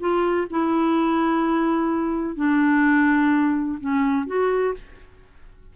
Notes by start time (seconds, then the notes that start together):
0.00 F4
0.51 E4
2.36 D4
3.81 C#4
4.27 F#4